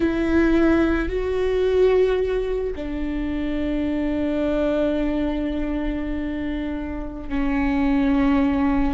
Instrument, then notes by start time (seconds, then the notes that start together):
viola
0.00 E4
1.09 F#4
2.75 D4
7.29 C#4